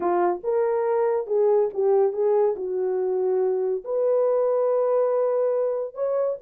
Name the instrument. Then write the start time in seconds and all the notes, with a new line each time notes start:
horn
0.00 F4
0.43 A#4
1.26 G#4
1.73 G4
2.12 G#4
2.56 F#4
3.84 B4
5.94 C#5